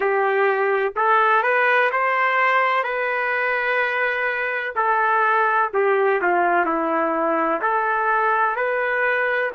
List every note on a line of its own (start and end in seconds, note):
0.00 0.93 G4
0.96 1.42 A4
1.42 1.90 B4
1.91 2.83 C5
2.83 4.74 B4
4.75 5.71 A4
5.73 6.21 G4
6.21 6.65 F4
6.65 7.60 E4
7.61 8.55 A4
8.55 9.51 B4